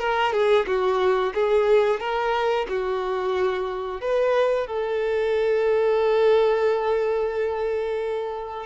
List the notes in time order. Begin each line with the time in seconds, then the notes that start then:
0.00 A#4
0.33 G#4
0.67 F#4
1.35 G#4
2.01 A#4
2.69 F#4
4.02 B4
4.67 A4